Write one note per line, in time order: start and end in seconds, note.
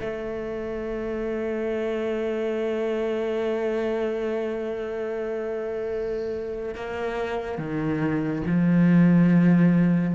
0.00 6.74 A3
6.74 7.57 A#3
7.57 8.42 D#3
8.46 10.14 F3